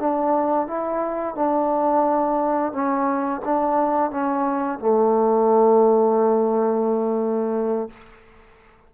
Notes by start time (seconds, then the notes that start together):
0.00 D4
0.67 E4
1.35 D4
2.72 C#4
3.45 D4
4.11 C#4
4.79 A3